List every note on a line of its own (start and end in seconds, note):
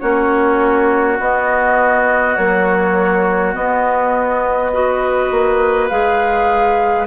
0.00 1.20 A#3
0.00 1.19 C#4
0.00 4.71 F#4
0.00 1.18 C#5
1.20 2.37 B3
1.20 2.36 D#5
2.36 3.54 F#3
2.36 3.55 A#3
2.36 3.54 C#5
3.54 4.72 B3
3.54 5.32 B3
3.54 5.89 D#5
4.73 5.91 F#4
4.73 7.07 B4
5.32 5.91 A#3
5.89 7.07 G#3
5.89 7.07 G#4
5.89 7.07 F5